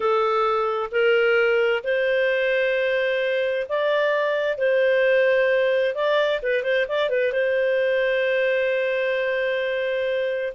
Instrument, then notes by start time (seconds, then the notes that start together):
clarinet
0.00 A4
0.91 A#4
1.83 C5
3.68 D5
4.57 C5
5.94 D5
6.42 B4
6.63 C5
6.88 D5
7.09 B4
7.32 C5